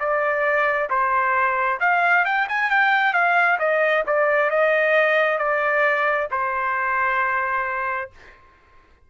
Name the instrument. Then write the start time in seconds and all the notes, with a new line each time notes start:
trumpet
0.00 D5
0.90 C5
1.81 F5
2.26 G5
2.49 G#5
2.71 G5
3.14 F5
3.59 D#5
4.07 D5
4.51 D#5
5.39 D5
6.31 C5